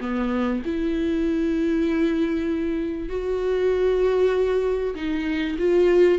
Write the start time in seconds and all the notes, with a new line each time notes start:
0.00 B3
0.65 E4
3.09 F#4
4.95 D#4
5.58 F4